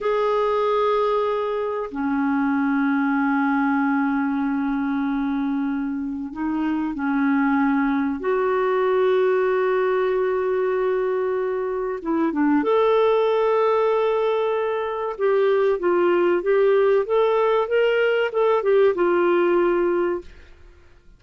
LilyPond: \new Staff \with { instrumentName = "clarinet" } { \time 4/4 \tempo 4 = 95 gis'2. cis'4~ | cis'1~ | cis'2 dis'4 cis'4~ | cis'4 fis'2.~ |
fis'2. e'8 d'8 | a'1 | g'4 f'4 g'4 a'4 | ais'4 a'8 g'8 f'2 | }